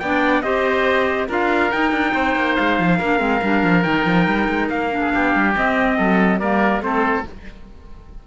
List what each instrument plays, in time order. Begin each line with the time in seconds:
0.00 cello B3, clarinet D4, oboe D5, trumpet G5
0.42 cello C4, clarinet G4, oboe C5, trumpet D#5
1.28 cello D4, clarinet F4, oboe A#4, trumpet F5
1.72 clarinet D#4, cello D#4, trumpet G5
1.92 cello D4
2.14 cello C4, oboe C5
2.36 cello A#3
2.56 cello G#3, trumpet F5
2.80 cello F3
2.98 cello A#3, clarinet D4, oboe A#4
3.19 cello G#3, clarinet C4
3.43 cello G3, clarinet D4
3.64 cello F3
3.83 cello D#3, clarinet D#4, trumpet G5
4.06 cello F3
4.28 cello G3
4.49 cello G#3
4.70 cello A#3, trumpet F5
4.90 clarinet D4
5.01 oboe G#4
5.14 cello B3, oboe G4
5.35 cello G3
5.56 clarinet C4, cello C4, trumpet D#5
5.98 cello F#3, oboe A4
6.40 cello G3, clarinet A#3, oboe A#4, trumpet D5
6.81 cello A3, clarinet C4, oboe A4, trumpet C5